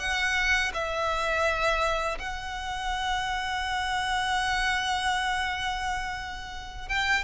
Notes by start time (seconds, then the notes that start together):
0.00 F#5
0.74 E5
2.19 F#5
6.89 G5